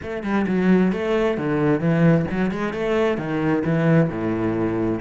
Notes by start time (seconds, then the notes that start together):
0.02 A3
0.23 G3
0.47 F#3
0.92 A3
1.37 D3
1.80 E3
2.30 F#3
2.51 G#3
2.73 A3
3.17 D#3
3.64 E3
4.09 A2